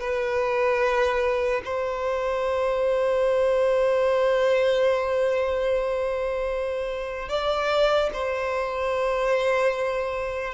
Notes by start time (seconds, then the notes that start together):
0.00 B4
1.65 C5
7.29 D5
8.13 C5